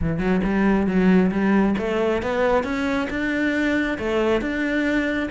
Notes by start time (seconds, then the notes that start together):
0.01 E3
0.18 F#3
0.44 G3
0.86 F#3
1.31 G3
1.78 A3
2.22 B3
2.63 C#4
3.09 D4
3.98 A3
4.41 D4